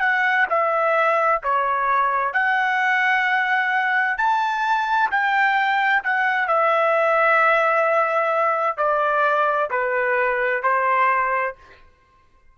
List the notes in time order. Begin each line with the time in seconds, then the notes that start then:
0.00 F#5
0.50 E5
1.43 C#5
2.33 F#5
4.18 A5
5.11 G5
6.04 F#5
6.48 E5
8.77 D5
9.70 B4
10.63 C5